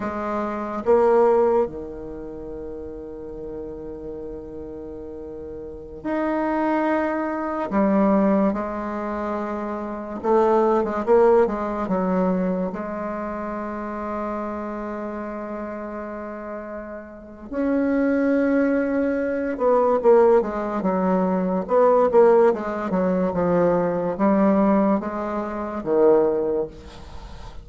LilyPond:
\new Staff \with { instrumentName = "bassoon" } { \time 4/4 \tempo 4 = 72 gis4 ais4 dis2~ | dis2.~ dis16 dis'8.~ | dis'4~ dis'16 g4 gis4.~ gis16~ | gis16 a8. gis16 ais8 gis8 fis4 gis8.~ |
gis1~ | gis4 cis'2~ cis'8 b8 | ais8 gis8 fis4 b8 ais8 gis8 fis8 | f4 g4 gis4 dis4 | }